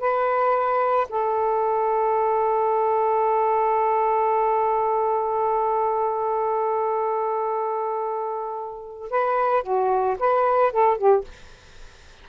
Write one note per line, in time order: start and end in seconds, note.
0.00 1.07 B4
1.09 9.10 A4
9.10 9.63 B4
9.63 10.17 F#4
10.19 10.73 B4
10.73 10.97 A4
10.97 11.24 G4